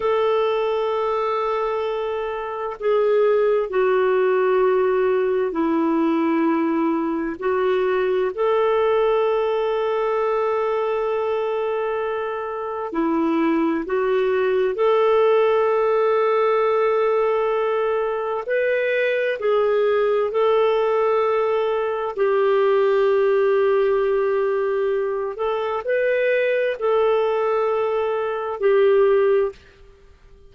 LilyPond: \new Staff \with { instrumentName = "clarinet" } { \time 4/4 \tempo 4 = 65 a'2. gis'4 | fis'2 e'2 | fis'4 a'2.~ | a'2 e'4 fis'4 |
a'1 | b'4 gis'4 a'2 | g'2.~ g'8 a'8 | b'4 a'2 g'4 | }